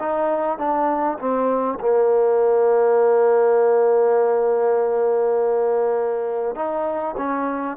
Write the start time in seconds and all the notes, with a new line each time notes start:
0.00 D#4
0.59 D4
1.19 C4
1.81 A#3
6.56 D#4
7.18 C#4